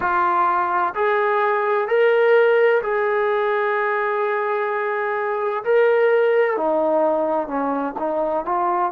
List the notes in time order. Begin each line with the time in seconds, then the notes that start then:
0.00 F4
0.94 G#4
1.87 A#4
2.82 G#4
5.64 A#4
6.56 D#4
7.47 C#4
7.99 D#4
8.45 F4